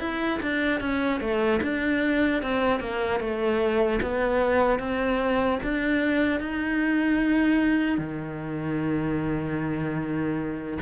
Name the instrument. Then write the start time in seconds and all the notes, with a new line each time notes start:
cello
0.00 E4
0.42 D4
0.80 C#4
1.20 A3
1.63 D4
2.43 C4
2.80 A#3
3.20 A3
4.02 B3
4.79 C4
5.63 D4
6.40 D#4
7.98 D#3